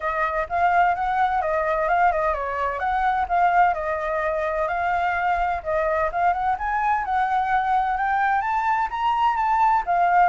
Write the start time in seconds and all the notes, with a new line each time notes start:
0.00 D#5
0.49 F5
0.94 F#5
1.41 D#5
1.88 F5
2.12 D#5
2.34 C#5
2.79 F#5
3.28 F5
3.74 D#5
4.68 F5
5.63 D#5
6.12 F5
6.33 F#5
6.58 G#5
7.05 F#5
7.97 G5
8.41 A5
8.90 A#5
9.36 A5
9.86 F5